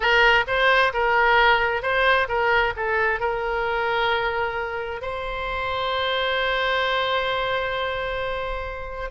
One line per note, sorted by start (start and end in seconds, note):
0.00 0.44 A#4
0.47 0.92 C5
0.93 1.82 A#4
1.82 2.27 C5
2.28 2.73 A#4
2.76 3.20 A4
3.20 5.01 A#4
5.01 9.10 C5